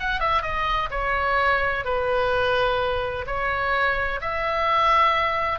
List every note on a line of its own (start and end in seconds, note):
0.00 0.20 F#5
0.20 0.43 E5
0.43 0.89 D#5
0.91 1.85 C#5
1.85 3.26 B4
3.27 4.20 C#5
4.21 5.60 E5